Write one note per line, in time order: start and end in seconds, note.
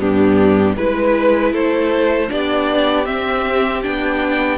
0.00 0.77 G2
0.00 0.77 B3
0.00 0.77 D4
0.00 0.77 G4
0.77 1.54 G#3
0.77 2.29 E4
0.77 1.53 B4
0.77 1.54 B4
1.53 2.31 A3
1.53 2.30 A4
1.53 2.31 C5
2.29 3.08 B3
2.29 3.05 D4
2.29 4.58 G4
2.29 3.06 D5
3.05 3.82 C4
3.05 3.85 C4
3.05 3.83 E5
3.83 4.58 B3
3.83 4.58 D4
3.83 4.58 G5